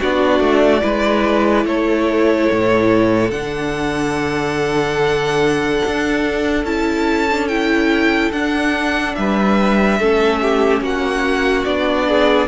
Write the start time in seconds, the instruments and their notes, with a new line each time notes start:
0.00 cello B3, viola D4, violin F#4 D5
0.40 cello A3
0.82 cello G#3, viola E4, violin B4
1.65 cello A3, violin A4 C#5
2.51 cello A2
3.31 cello D3, viola D4, violin F#5
5.86 cello D4
6.64 cello C#4, viola E4, violin A5
7.31 viola D4
7.48 viola E4, violin G5
8.31 cello D4, viola D4, violin F#5
9.15 cello G3, violin B4 E5
9.99 cello A3, viola C#4, violin A4
10.41 violin G4
10.81 cello A#3, violin F#4 F#5
11.65 cello B3, viola D4, violin D5
12.08 violin G#4